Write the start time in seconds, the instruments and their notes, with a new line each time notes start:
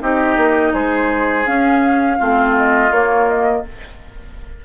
0.00 bassoon C4, clarinet D#4, oboe G4, flute D#5
0.37 bassoon A#3
0.73 bassoon G#3, oboe G#4, flute C5
1.46 clarinet C#4, bassoon C#4, flute F5
2.18 bassoon A3, clarinet C4, oboe F4
2.56 flute D#5
2.91 bassoon A#3, clarinet A#3, flute C#5
3.29 flute D#5